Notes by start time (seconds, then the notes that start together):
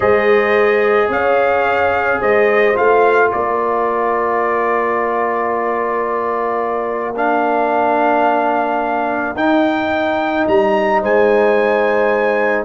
0.00 G#3 G#4 C5 D#5
1.08 C#4 C#5 F5
2.20 G#3 C5 D#5
2.74 A3 F4 F5
3.30 A#3 A#4 D5
7.15 D4 F5
9.34 D#4 G5
10.47 G3 A#5
11.00 G#3 C5 G#5